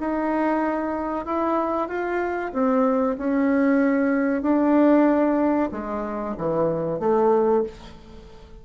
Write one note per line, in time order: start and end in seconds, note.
0.00 1.26 D#4
1.26 1.88 E4
1.88 2.52 F4
2.53 3.17 C4
3.18 4.42 C#4
4.42 5.70 D4
5.72 6.35 G#3
6.37 7.00 E3
7.00 7.64 A3